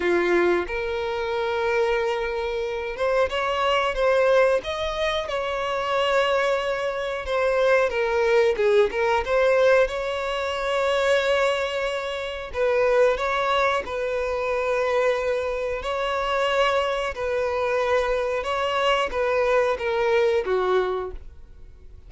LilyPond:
\new Staff \with { instrumentName = "violin" } { \time 4/4 \tempo 4 = 91 f'4 ais'2.~ | ais'8 c''8 cis''4 c''4 dis''4 | cis''2. c''4 | ais'4 gis'8 ais'8 c''4 cis''4~ |
cis''2. b'4 | cis''4 b'2. | cis''2 b'2 | cis''4 b'4 ais'4 fis'4 | }